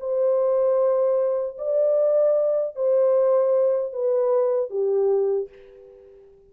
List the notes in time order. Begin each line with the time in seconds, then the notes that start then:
0.00 C5
1.58 D5
2.76 C5
3.93 B4
4.70 G4